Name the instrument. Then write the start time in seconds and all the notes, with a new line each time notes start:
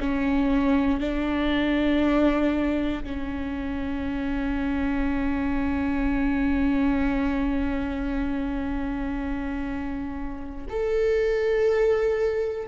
viola
0.00 C#4
1.00 D4
3.04 C#4
10.70 A4